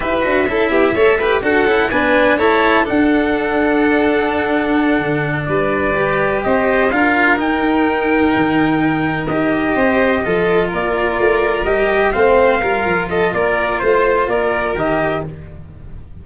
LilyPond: <<
  \new Staff \with { instrumentName = "trumpet" } { \time 4/4 \tempo 4 = 126 e''2. fis''4 | gis''4 a''4 fis''2~ | fis''2.~ fis''8 d''8~ | d''4. dis''4 f''4 g''8~ |
g''2.~ g''8 dis''8~ | dis''2~ dis''8 d''4.~ | d''8 dis''4 f''2 dis''8 | d''4 c''4 d''4 dis''4 | }
  \new Staff \with { instrumentName = "violin" } { \time 4/4 b'4 a'8 g'8 cis''8 b'8 a'4 | b'4 cis''4 a'2~ | a'2.~ a'8 b'8~ | b'4. c''4 ais'4.~ |
ais'1~ | ais'8 c''4 a'4 ais'4.~ | ais'4. c''4 ais'4 a'8 | ais'4 c''4 ais'2 | }
  \new Staff \with { instrumentName = "cello" } { \time 4/4 g'8 fis'8 e'4 a'8 g'8 fis'8 e'8 | d'4 e'4 d'2~ | d'1~ | d'8 g'2 f'4 dis'8~ |
dis'2.~ dis'8 g'8~ | g'4. f'2~ f'8~ | f'8 g'4 c'4 f'4.~ | f'2. g'4 | }
  \new Staff \with { instrumentName = "tuba" } { \time 4/4 e'8 d'8 cis'8 b8 a4 d'8 cis'8 | b4 a4 d'2~ | d'2~ d'8 d4 g8~ | g4. c'4 d'4 dis'8~ |
dis'4. dis2 dis'8~ | dis'8 c'4 f4 ais4 a8~ | a8 g4 a4 g8 f4 | ais4 a4 ais4 dis4 | }
>>